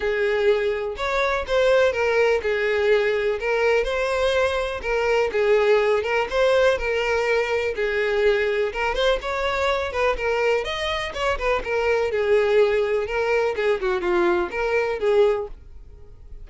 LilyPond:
\new Staff \with { instrumentName = "violin" } { \time 4/4 \tempo 4 = 124 gis'2 cis''4 c''4 | ais'4 gis'2 ais'4 | c''2 ais'4 gis'4~ | gis'8 ais'8 c''4 ais'2 |
gis'2 ais'8 c''8 cis''4~ | cis''8 b'8 ais'4 dis''4 cis''8 b'8 | ais'4 gis'2 ais'4 | gis'8 fis'8 f'4 ais'4 gis'4 | }